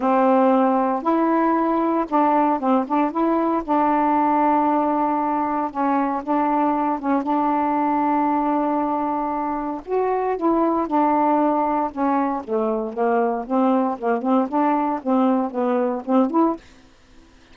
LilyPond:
\new Staff \with { instrumentName = "saxophone" } { \time 4/4 \tempo 4 = 116 c'2 e'2 | d'4 c'8 d'8 e'4 d'4~ | d'2. cis'4 | d'4. cis'8 d'2~ |
d'2. fis'4 | e'4 d'2 cis'4 | a4 ais4 c'4 ais8 c'8 | d'4 c'4 b4 c'8 e'8 | }